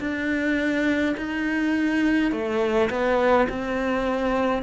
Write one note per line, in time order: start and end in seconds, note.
0.00 1.15 D4
1.17 2.32 D#4
2.32 2.90 A3
2.90 3.47 B3
3.49 4.63 C4